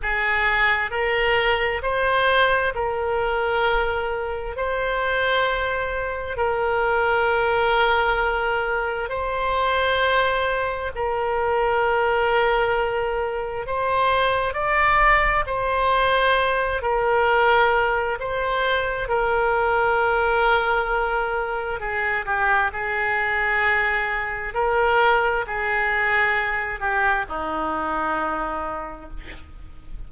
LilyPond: \new Staff \with { instrumentName = "oboe" } { \time 4/4 \tempo 4 = 66 gis'4 ais'4 c''4 ais'4~ | ais'4 c''2 ais'4~ | ais'2 c''2 | ais'2. c''4 |
d''4 c''4. ais'4. | c''4 ais'2. | gis'8 g'8 gis'2 ais'4 | gis'4. g'8 dis'2 | }